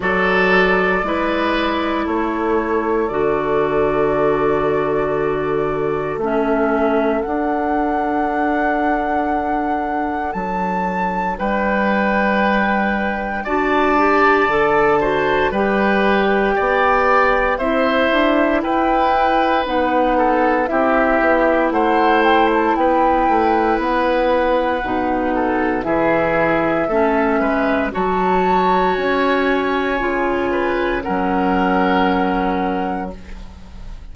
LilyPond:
<<
  \new Staff \with { instrumentName = "flute" } { \time 4/4 \tempo 4 = 58 d''2 cis''4 d''4~ | d''2 e''4 fis''4~ | fis''2 a''4 g''4~ | g''4 a''2 g''4~ |
g''4 e''4 g''4 fis''4 | e''4 fis''8 g''16 a''16 g''4 fis''4~ | fis''4 e''2 a''4 | gis''2 fis''2 | }
  \new Staff \with { instrumentName = "oboe" } { \time 4/4 a'4 b'4 a'2~ | a'1~ | a'2. b'4~ | b'4 d''4. c''8 b'4 |
d''4 c''4 b'4. a'8 | g'4 c''4 b'2~ | b'8 a'8 gis'4 a'8 b'8 cis''4~ | cis''4. b'8 ais'2 | }
  \new Staff \with { instrumentName = "clarinet" } { \time 4/4 fis'4 e'2 fis'4~ | fis'2 cis'4 d'4~ | d'1~ | d'4 fis'8 g'8 a'8 fis'8 g'4~ |
g'4 e'2 dis'4 | e'1 | dis'4 e'4 cis'4 fis'4~ | fis'4 f'4 cis'2 | }
  \new Staff \with { instrumentName = "bassoon" } { \time 4/4 fis4 gis4 a4 d4~ | d2 a4 d'4~ | d'2 fis4 g4~ | g4 d'4 d4 g4 |
b4 c'8 d'8 e'4 b4 | c'8 b8 a4 b8 a8 b4 | b,4 e4 a8 gis8 fis4 | cis'4 cis4 fis2 | }
>>